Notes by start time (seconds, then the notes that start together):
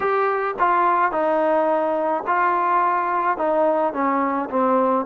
0.00 G4
0.59 F4
1.11 D#4
2.27 F4
3.37 D#4
3.93 C#4
4.50 C4